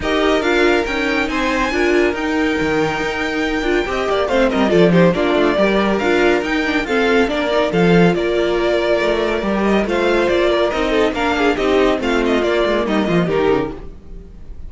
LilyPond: <<
  \new Staff \with { instrumentName = "violin" } { \time 4/4 \tempo 4 = 140 dis''4 f''4 g''4 gis''4~ | gis''4 g''2.~ | g''2 f''8 dis''8 d''8 c''8 | d''2 f''4 g''4 |
f''4 d''4 f''4 d''4~ | d''2~ d''8 dis''8 f''4 | d''4 dis''4 f''4 dis''4 | f''8 dis''8 d''4 dis''4 ais'4 | }
  \new Staff \with { instrumentName = "violin" } { \time 4/4 ais'2. c''4 | ais'1~ | ais'4 dis''8 d''8 c''8 ais'8 a'8 g'8 | f'4 ais'2. |
a'4 ais'4 a'4 ais'4~ | ais'2. c''4~ | c''8 ais'4 a'8 ais'8 gis'8 g'4 | f'2 dis'8 f'8 g'4 | }
  \new Staff \with { instrumentName = "viola" } { \time 4/4 g'4 f'4 dis'2 | f'4 dis'2.~ | dis'8 f'8 g'4 c'4 f'8 dis'8 | d'4 g'4 f'4 dis'8 d'8 |
c'4 d'8 dis'8 f'2~ | f'2 g'4 f'4~ | f'4 dis'4 d'4 dis'4 | c'4 ais2 dis'4 | }
  \new Staff \with { instrumentName = "cello" } { \time 4/4 dis'4 d'4 cis'4 c'4 | d'4 dis'4 dis4 dis'4~ | dis'8 d'8 c'8 ais8 a8 g8 f4 | ais8 a8 g4 d'4 dis'4 |
f'4 ais4 f4 ais4~ | ais4 a4 g4 a4 | ais4 c'4 ais4 c'4 | a4 ais8 gis8 g8 f8 dis8 cis8 | }
>>